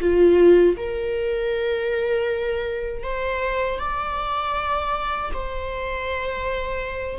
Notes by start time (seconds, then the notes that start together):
0.00 F4
0.77 A#4
3.03 C5
3.79 D5
5.33 C5